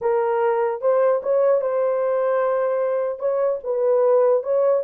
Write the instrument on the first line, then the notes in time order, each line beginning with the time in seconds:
horn
0.01 A#4
0.81 C5
1.22 C#5
1.61 C5
3.19 C#5
3.63 B4
4.43 C#5